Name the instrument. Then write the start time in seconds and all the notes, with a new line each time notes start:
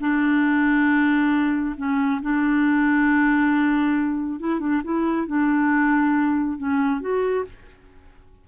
clarinet
0.00 D4
1.77 C#4
2.22 D4
4.40 E4
4.60 D4
4.84 E4
5.27 D4
6.58 C#4
7.01 F#4